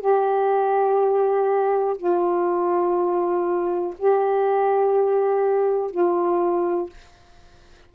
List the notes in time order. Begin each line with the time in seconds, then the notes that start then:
0.00 G4
1.97 F4
3.98 G4
5.91 F4